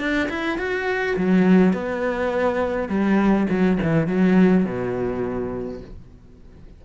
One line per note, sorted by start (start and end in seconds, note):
0.00 0.29 D4
0.29 0.59 E4
0.59 1.17 F#4
1.17 1.74 F#3
1.74 2.89 B3
2.89 3.47 G3
3.50 3.79 F#3
3.83 4.08 E3
4.08 4.65 F#3
4.65 5.81 B2